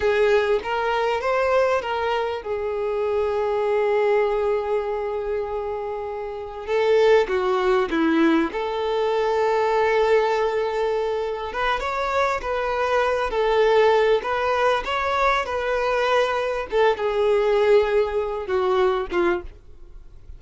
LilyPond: \new Staff \with { instrumentName = "violin" } { \time 4/4 \tempo 4 = 99 gis'4 ais'4 c''4 ais'4 | gis'1~ | gis'2. a'4 | fis'4 e'4 a'2~ |
a'2. b'8 cis''8~ | cis''8 b'4. a'4. b'8~ | b'8 cis''4 b'2 a'8 | gis'2~ gis'8 fis'4 f'8 | }